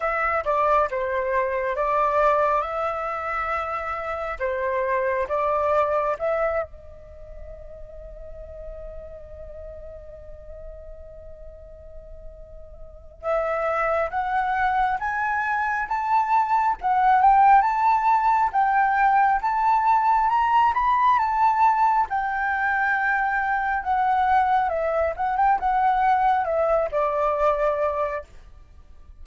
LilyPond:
\new Staff \with { instrumentName = "flute" } { \time 4/4 \tempo 4 = 68 e''8 d''8 c''4 d''4 e''4~ | e''4 c''4 d''4 e''8 dis''8~ | dis''1~ | dis''2. e''4 |
fis''4 gis''4 a''4 fis''8 g''8 | a''4 g''4 a''4 ais''8 b''8 | a''4 g''2 fis''4 | e''8 fis''16 g''16 fis''4 e''8 d''4. | }